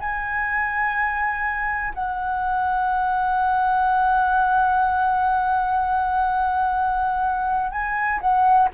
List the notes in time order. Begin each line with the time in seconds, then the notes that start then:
0.00 G#5
1.94 F#5
7.72 G#5
8.21 F#5